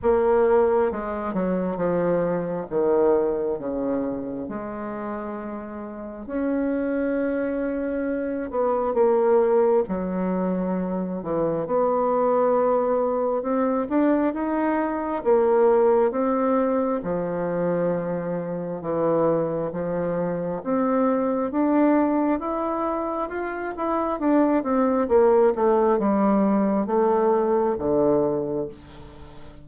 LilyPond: \new Staff \with { instrumentName = "bassoon" } { \time 4/4 \tempo 4 = 67 ais4 gis8 fis8 f4 dis4 | cis4 gis2 cis'4~ | cis'4. b8 ais4 fis4~ | fis8 e8 b2 c'8 d'8 |
dis'4 ais4 c'4 f4~ | f4 e4 f4 c'4 | d'4 e'4 f'8 e'8 d'8 c'8 | ais8 a8 g4 a4 d4 | }